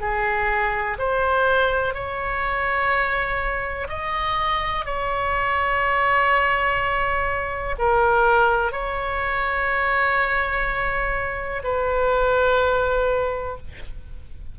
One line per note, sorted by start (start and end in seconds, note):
0.00 0.97 G#4
0.99 1.94 C5
1.94 3.88 C#5
3.89 4.85 D#5
4.85 7.76 C#5
7.78 8.72 A#4
8.72 11.62 C#5
11.63 13.57 B4